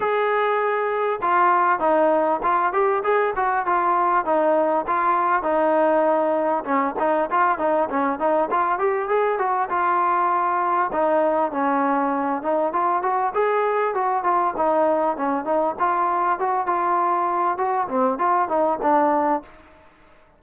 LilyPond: \new Staff \with { instrumentName = "trombone" } { \time 4/4 \tempo 4 = 99 gis'2 f'4 dis'4 | f'8 g'8 gis'8 fis'8 f'4 dis'4 | f'4 dis'2 cis'8 dis'8 | f'8 dis'8 cis'8 dis'8 f'8 g'8 gis'8 fis'8 |
f'2 dis'4 cis'4~ | cis'8 dis'8 f'8 fis'8 gis'4 fis'8 f'8 | dis'4 cis'8 dis'8 f'4 fis'8 f'8~ | f'4 fis'8 c'8 f'8 dis'8 d'4 | }